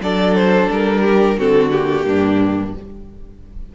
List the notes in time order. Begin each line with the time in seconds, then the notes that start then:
0.00 F#3 D4 A4 D5
0.35 C5
0.69 G3 A#4
1.02 G4
1.37 D3 C4 F#4 A4
1.70 A#3 G4
2.06 G2 D4